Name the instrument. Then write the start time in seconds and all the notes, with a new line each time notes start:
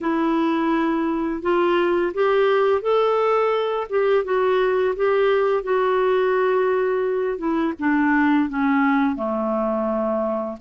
clarinet
0.00 E4
1.41 F4
2.14 G4
2.81 A4
3.89 G4
4.24 F#4
4.96 G4
5.63 F#4
7.38 E4
7.79 D4
8.49 C#4
9.15 A3